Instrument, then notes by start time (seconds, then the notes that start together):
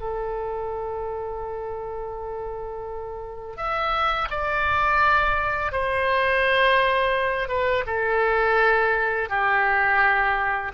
oboe
0.00 A4
3.56 E5
4.30 D5
5.71 C5
7.48 B4
7.86 A4
9.29 G4